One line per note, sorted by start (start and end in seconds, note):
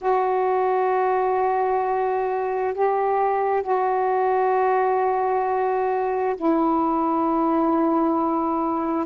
0.01 2.74 F#4
2.74 3.62 G4
3.62 6.35 F#4
6.36 9.05 E4